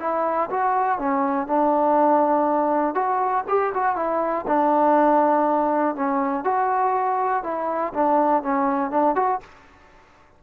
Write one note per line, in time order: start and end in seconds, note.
0.00 0.50 E4
0.50 0.99 F#4
0.99 1.47 C#4
1.47 2.95 D4
2.95 3.45 F#4
3.48 3.73 G4
3.75 3.96 F#4
3.96 4.46 E4
4.47 5.95 D4
5.95 6.44 C#4
6.44 7.43 F#4
7.44 7.93 E4
7.94 8.43 D4
8.43 8.91 C#4
8.91 9.16 D4
9.16 9.40 F#4